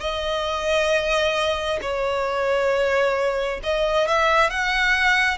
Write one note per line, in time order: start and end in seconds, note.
0.00 1.79 D#5
1.82 3.61 C#5
3.63 4.08 D#5
4.08 4.50 E5
4.50 5.38 F#5